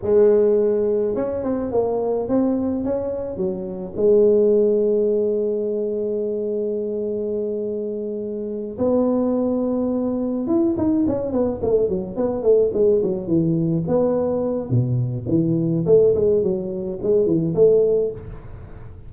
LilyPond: \new Staff \with { instrumentName = "tuba" } { \time 4/4 \tempo 4 = 106 gis2 cis'8 c'8 ais4 | c'4 cis'4 fis4 gis4~ | gis1~ | gis2.~ gis8 b8~ |
b2~ b8 e'8 dis'8 cis'8 | b8 a8 fis8 b8 a8 gis8 fis8 e8~ | e8 b4. b,4 e4 | a8 gis8 fis4 gis8 e8 a4 | }